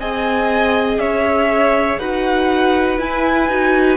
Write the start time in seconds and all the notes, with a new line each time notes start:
0.00 C4 G#4 D#5 G#5
0.98 C#4 C#5 E5
1.99 D#4 F#4 B4 F#5
2.99 E4 G#5
3.49 D#4 F#4